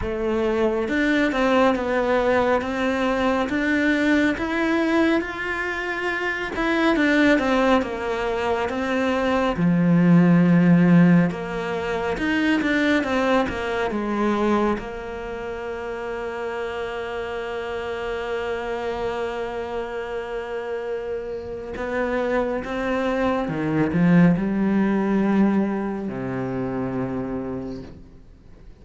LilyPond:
\new Staff \with { instrumentName = "cello" } { \time 4/4 \tempo 4 = 69 a4 d'8 c'8 b4 c'4 | d'4 e'4 f'4. e'8 | d'8 c'8 ais4 c'4 f4~ | f4 ais4 dis'8 d'8 c'8 ais8 |
gis4 ais2.~ | ais1~ | ais4 b4 c'4 dis8 f8 | g2 c2 | }